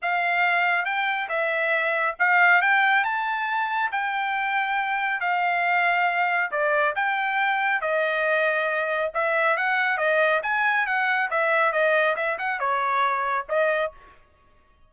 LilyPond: \new Staff \with { instrumentName = "trumpet" } { \time 4/4 \tempo 4 = 138 f''2 g''4 e''4~ | e''4 f''4 g''4 a''4~ | a''4 g''2. | f''2. d''4 |
g''2 dis''2~ | dis''4 e''4 fis''4 dis''4 | gis''4 fis''4 e''4 dis''4 | e''8 fis''8 cis''2 dis''4 | }